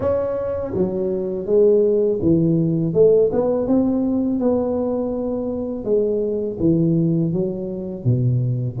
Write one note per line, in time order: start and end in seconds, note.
0.00 0.73 C#4
0.74 1.46 F#3
1.46 2.19 G#3
2.21 2.93 E3
2.93 3.30 A3
3.32 3.67 B3
3.67 4.39 C4
4.39 5.84 B3
5.84 6.57 G#3
6.59 7.32 E3
7.32 8.04 F#3
8.04 8.77 B2